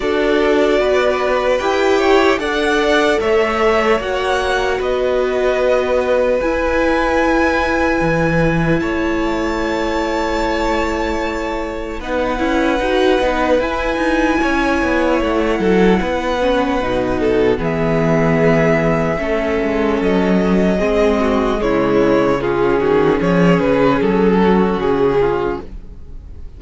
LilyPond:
<<
  \new Staff \with { instrumentName = "violin" } { \time 4/4 \tempo 4 = 75 d''2 g''4 fis''4 | e''4 fis''4 dis''2 | gis''2. a''4~ | a''2. fis''4~ |
fis''4 gis''2 fis''4~ | fis''2 e''2~ | e''4 dis''2 cis''4 | gis'4 cis''8 b'8 a'4 gis'4 | }
  \new Staff \with { instrumentName = "violin" } { \time 4/4 a'4 b'4. cis''8 d''4 | cis''2 b'2~ | b'2. cis''4~ | cis''2. b'4~ |
b'2 cis''4. a'8 | b'4. a'8 gis'2 | a'2 gis'8 fis'8 e'4 | f'8 fis'8 gis'4. fis'4 f'8 | }
  \new Staff \with { instrumentName = "viola" } { \time 4/4 fis'2 g'4 a'4~ | a'4 fis'2. | e'1~ | e'2. dis'8 e'8 |
fis'8 dis'8 e'2.~ | e'8 cis'8 dis'4 b2 | cis'2 c'4 gis4 | cis'1 | }
  \new Staff \with { instrumentName = "cello" } { \time 4/4 d'4 b4 e'4 d'4 | a4 ais4 b2 | e'2 e4 a4~ | a2. b8 cis'8 |
dis'8 b8 e'8 dis'8 cis'8 b8 a8 fis8 | b4 b,4 e2 | a8 gis8 fis4 gis4 cis4~ | cis8 dis8 f8 cis8 fis4 cis4 | }
>>